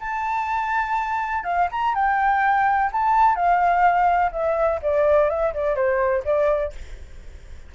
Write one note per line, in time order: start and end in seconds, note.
0.00 1.44 A5
1.44 1.68 F5
1.71 1.95 A#5
1.95 2.91 G5
2.92 3.35 A5
3.35 4.31 F5
4.32 4.80 E5
4.82 5.30 D5
5.30 5.54 E5
5.54 5.75 D5
5.75 6.23 C5
6.24 6.72 D5